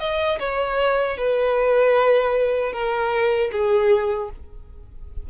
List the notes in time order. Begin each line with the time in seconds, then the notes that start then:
0.00 D#5
0.40 C#5
1.18 B4
2.73 A#4
3.52 G#4